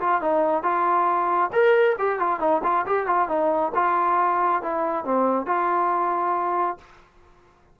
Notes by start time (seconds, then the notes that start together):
0.00 F4
0.21 D#4
0.63 F4
1.52 A#4
1.98 G4
2.19 F4
2.40 D#4
2.63 F4
2.86 G4
3.07 F4
3.28 D#4
3.74 F4
4.62 E4
5.04 C4
5.46 F4